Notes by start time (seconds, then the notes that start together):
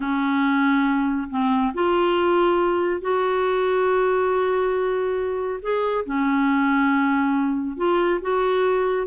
0.00 C#4
1.30 C4
1.74 F4
3.01 F#4
5.61 G#4
6.05 C#4
7.76 F4
8.21 F#4